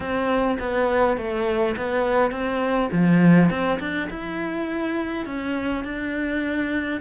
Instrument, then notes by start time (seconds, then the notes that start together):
cello
0.00 C4
0.59 B3
1.17 A3
1.77 B3
2.31 C4
2.92 F3
3.50 C4
3.79 D4
4.10 E4
5.26 C#4
5.84 D4